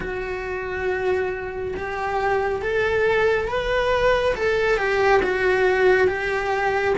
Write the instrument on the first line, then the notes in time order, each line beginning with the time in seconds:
cello
0.00 F#4
1.76 G4
2.62 A4
3.48 B4
4.35 A4
4.77 G4
5.22 F#4
6.07 G4